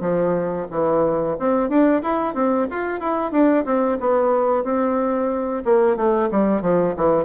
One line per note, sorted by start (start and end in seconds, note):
0.00 0.66 F3
0.71 1.37 E3
1.39 1.69 C4
1.69 2.02 D4
2.02 2.34 E4
2.34 2.67 C4
2.70 3.00 F4
3.00 3.31 E4
3.31 3.64 D4
3.65 3.98 C4
4.00 4.64 B3
4.64 5.63 C4
5.65 5.96 A#3
5.96 6.29 A3
6.31 6.61 G3
6.61 6.94 F3
6.97 7.24 E3